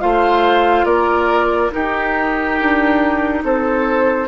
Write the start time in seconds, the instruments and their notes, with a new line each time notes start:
0.00 bassoon A3, clarinet F4, oboe C5, flute F5
0.84 bassoon A#3, oboe A#4, flute D5
1.70 clarinet D#4, bassoon D#4, oboe G4, flute A#4
2.61 bassoon D4
3.43 bassoon C4, oboe A4, flute C5